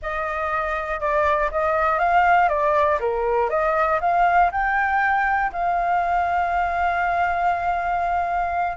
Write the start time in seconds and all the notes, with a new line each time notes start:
0.01 D#5
1.00 D5
1.51 D#5
1.99 F5
2.49 D5
3.00 A#4
3.49 D#5
4.00 F5
4.51 G5
5.52 F5